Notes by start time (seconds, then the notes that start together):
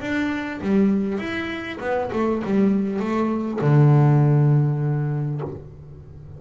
0.00 D4
0.61 G3
1.18 E4
1.80 B3
2.12 A3
2.44 G3
2.99 A3
3.61 D3